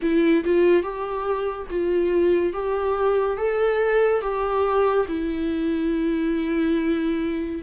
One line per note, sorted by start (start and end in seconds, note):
0.02 0.44 E4
0.44 0.82 F4
0.82 1.67 G4
1.70 2.53 F4
2.53 3.37 G4
3.37 4.21 A4
4.21 5.06 G4
5.07 7.61 E4